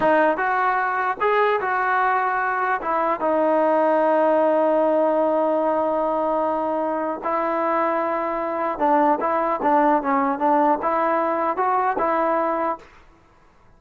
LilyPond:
\new Staff \with { instrumentName = "trombone" } { \time 4/4 \tempo 4 = 150 dis'4 fis'2 gis'4 | fis'2. e'4 | dis'1~ | dis'1~ |
dis'2 e'2~ | e'2 d'4 e'4 | d'4 cis'4 d'4 e'4~ | e'4 fis'4 e'2 | }